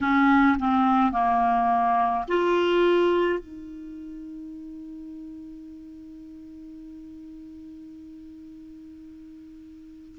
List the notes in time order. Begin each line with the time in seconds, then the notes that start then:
0.00 C#4
0.59 C4
1.12 A#3
2.27 F4
3.39 D#4